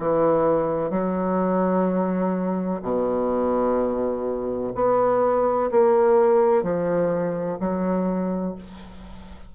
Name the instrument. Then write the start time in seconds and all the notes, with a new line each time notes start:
bassoon
0.00 E3
0.90 F#3
2.83 B2
4.75 B3
5.71 A#3
6.63 F3
7.60 F#3